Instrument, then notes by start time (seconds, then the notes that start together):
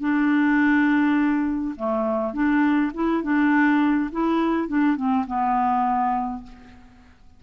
clarinet
0.00 D4
1.76 A3
2.33 D4
2.94 E4
3.23 D4
4.12 E4
4.68 D4
4.96 C4
5.27 B3